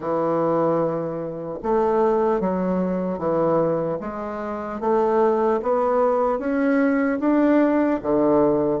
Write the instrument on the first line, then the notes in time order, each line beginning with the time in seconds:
bassoon
0.00 E3
1.62 A3
2.40 F#3
3.18 E3
4.00 G#3
4.80 A3
5.62 B3
6.38 C#4
7.20 D4
8.02 D3